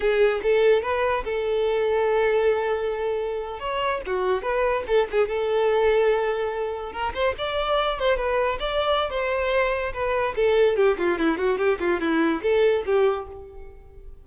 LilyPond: \new Staff \with { instrumentName = "violin" } { \time 4/4 \tempo 4 = 145 gis'4 a'4 b'4 a'4~ | a'1~ | a'8. cis''4 fis'4 b'4 a'16~ | a'16 gis'8 a'2.~ a'16~ |
a'8. ais'8 c''8 d''4. c''8 b'16~ | b'8. d''4~ d''16 c''2 | b'4 a'4 g'8 f'8 e'8 fis'8 | g'8 f'8 e'4 a'4 g'4 | }